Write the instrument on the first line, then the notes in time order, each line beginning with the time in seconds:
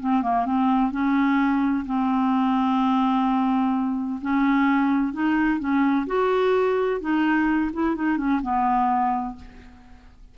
clarinet
0.00 C4
0.23 A#3
0.46 C4
0.91 C#4
1.86 C4
4.22 C#4
5.13 D#4
5.60 C#4
6.07 F#4
7.01 D#4
7.73 E4
7.96 D#4
8.18 C#4
8.42 B3